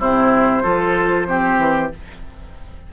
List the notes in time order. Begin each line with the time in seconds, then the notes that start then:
0.00 C3 C4 E4 C5
0.63 F3 F4 A4
1.27 C4 G4
1.57 E3